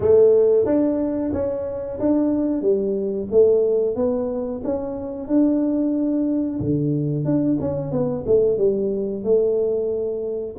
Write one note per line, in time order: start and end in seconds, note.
0.00 0.65 A3
0.65 1.31 D4
1.32 1.98 C#4
1.99 2.61 D4
2.61 3.27 G3
3.31 3.95 A3
3.95 4.61 B3
4.64 5.27 C#4
5.27 6.59 D4
6.60 7.24 D3
7.24 7.57 D4
7.60 7.91 C#4
7.91 8.24 B3
8.26 8.57 A3
8.57 9.23 G3
9.23 10.55 A3